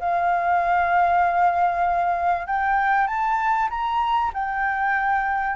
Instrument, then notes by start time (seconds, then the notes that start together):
flute
0.00 F5
2.47 G5
3.08 A5
3.71 A#5
4.34 G5